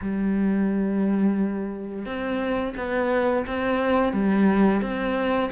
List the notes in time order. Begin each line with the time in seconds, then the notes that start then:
0.01 G3
2.05 C4
2.76 B3
3.46 C4
4.12 G3
4.81 C4